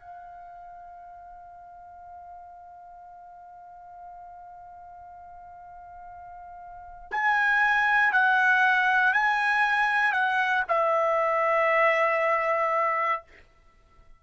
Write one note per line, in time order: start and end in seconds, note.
0.00 7.12 F5
7.12 8.13 G#5
8.13 9.14 F#5
9.14 10.13 G#5
10.13 10.64 F#5
10.69 13.23 E5